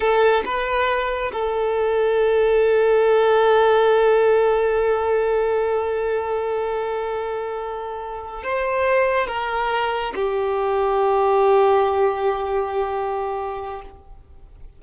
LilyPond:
\new Staff \with { instrumentName = "violin" } { \time 4/4 \tempo 4 = 139 a'4 b'2 a'4~ | a'1~ | a'1~ | a'1~ |
a'2.~ a'8 c''8~ | c''4. ais'2 g'8~ | g'1~ | g'1 | }